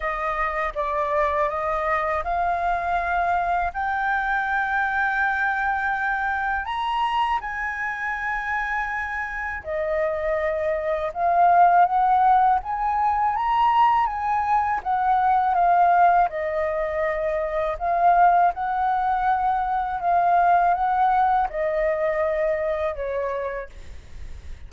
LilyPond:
\new Staff \with { instrumentName = "flute" } { \time 4/4 \tempo 4 = 81 dis''4 d''4 dis''4 f''4~ | f''4 g''2.~ | g''4 ais''4 gis''2~ | gis''4 dis''2 f''4 |
fis''4 gis''4 ais''4 gis''4 | fis''4 f''4 dis''2 | f''4 fis''2 f''4 | fis''4 dis''2 cis''4 | }